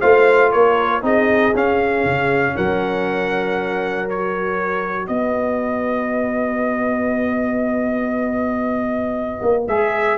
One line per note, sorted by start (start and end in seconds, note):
0.00 0.53 A3
0.00 1.01 F4
0.00 0.51 C5
0.00 0.51 F5
0.52 1.02 A#3
0.52 1.03 A#4
0.52 1.02 C#5
1.01 1.53 C4
1.01 1.52 D#4
1.01 2.56 G#4
1.01 1.55 D#5
1.54 2.04 C#4
1.54 4.08 C#4
1.54 2.56 F5
2.04 2.55 C#3
2.56 5.08 F#3
2.56 5.10 A#4
2.56 4.09 F#5
4.08 9.68 F#4
4.08 5.07 C#5
5.07 9.40 B3
5.07 10.17 B4
5.07 9.64 D#5
9.42 9.67 A#3
9.67 10.17 G#3
9.67 10.17 G#4
9.67 10.17 E5